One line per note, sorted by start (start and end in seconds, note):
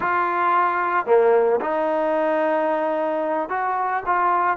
0.00 1.06 F4
1.06 1.60 A#3
1.60 3.49 D#4
3.49 4.03 F#4
4.06 4.57 F4